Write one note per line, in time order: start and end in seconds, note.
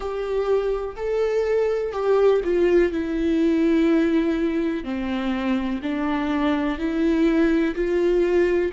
0.00 0.95 G4
0.96 1.92 A4
1.92 2.40 G4
2.44 2.92 F4
2.92 4.84 E4
4.84 5.81 C4
5.82 6.78 D4
6.78 7.75 E4
7.75 8.71 F4